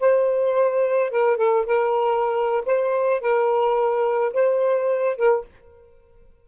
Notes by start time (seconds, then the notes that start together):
0.00 C5
1.11 A#4
1.37 A4
1.66 A#4
2.66 C5
3.21 A#4
4.34 C5
5.17 A#4